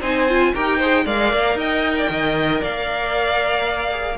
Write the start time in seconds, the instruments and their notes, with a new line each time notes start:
0.00 cello C4, viola D#4, violin C5 G#5
0.28 viola F4
0.53 cello D#4, viola G4, violin A#4 G5
0.77 viola G#4, violin C5
1.05 cello G#3, viola A#4, violin D5 F5
1.32 cello A#3
1.54 cello D#4, violin D#5 G5
1.97 violin D5
2.09 cello D#3, violin D#5
2.61 cello A#3, violin D5 F5
3.90 viola G#4